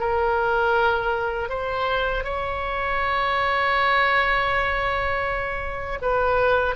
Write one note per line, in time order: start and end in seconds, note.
0.00 1.49 A#4
1.49 2.24 C5
2.24 5.99 C#5
6.02 6.76 B4